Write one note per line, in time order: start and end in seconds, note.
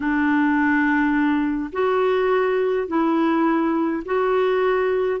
0.00 1.70 D4
1.72 2.87 F#4
2.87 4.03 E4
4.05 5.20 F#4